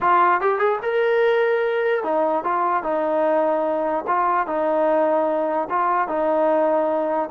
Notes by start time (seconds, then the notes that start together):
0.00 F4
0.40 G4
0.58 G#4
0.82 A#4
2.03 D#4
2.44 F4
2.83 D#4
4.07 F4
4.46 D#4
5.69 F4
6.08 D#4